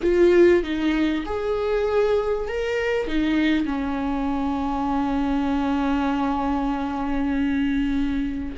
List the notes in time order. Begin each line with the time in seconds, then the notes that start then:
0.02 F4
0.63 D#4
1.25 G#4
2.47 A#4
3.07 D#4
3.65 C#4